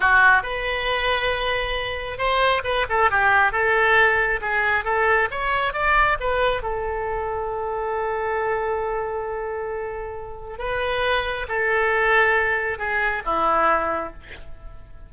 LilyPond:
\new Staff \with { instrumentName = "oboe" } { \time 4/4 \tempo 4 = 136 fis'4 b'2.~ | b'4 c''4 b'8 a'8 g'4 | a'2 gis'4 a'4 | cis''4 d''4 b'4 a'4~ |
a'1~ | a'1 | b'2 a'2~ | a'4 gis'4 e'2 | }